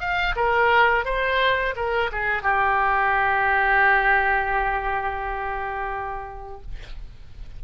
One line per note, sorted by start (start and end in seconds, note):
0.00 0.35 F5
0.36 1.05 A#4
1.05 1.75 C5
1.76 2.11 A#4
2.12 2.43 G#4
2.43 6.62 G4